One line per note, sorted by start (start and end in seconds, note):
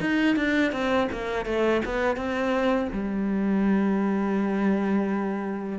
0.00 0.35 D#4
0.35 0.72 D4
0.72 1.08 C4
1.12 1.45 A#3
1.45 1.81 A3
1.85 2.16 B3
2.16 2.88 C4
2.92 5.79 G3